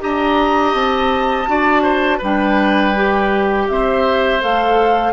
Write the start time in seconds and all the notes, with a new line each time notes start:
0.00 D4 G4 D#5 A#5
0.74 C4 A5
1.47 D4 F#4 D5
1.83 C5
2.18 G3 D4 B4 G5
2.96 G4
3.69 C4 C5 E5
4.41 A3 A4 F5